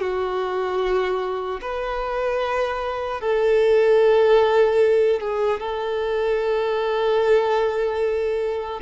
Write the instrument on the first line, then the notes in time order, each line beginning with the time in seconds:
violin
0.00 F#4
1.61 B4
3.20 A4
5.20 G#4
5.60 A4